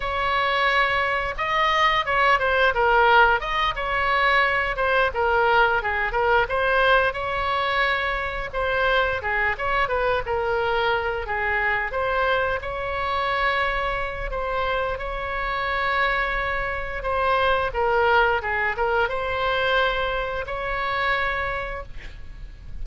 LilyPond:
\new Staff \with { instrumentName = "oboe" } { \time 4/4 \tempo 4 = 88 cis''2 dis''4 cis''8 c''8 | ais'4 dis''8 cis''4. c''8 ais'8~ | ais'8 gis'8 ais'8 c''4 cis''4.~ | cis''8 c''4 gis'8 cis''8 b'8 ais'4~ |
ais'8 gis'4 c''4 cis''4.~ | cis''4 c''4 cis''2~ | cis''4 c''4 ais'4 gis'8 ais'8 | c''2 cis''2 | }